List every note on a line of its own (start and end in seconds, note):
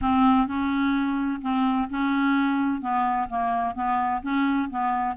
0.01 0.47 C4
0.47 1.41 C#4
1.41 1.88 C4
1.90 2.81 C#4
2.81 3.28 B3
3.29 3.74 A#3
3.74 4.21 B3
4.22 4.69 C#4
4.70 5.16 B3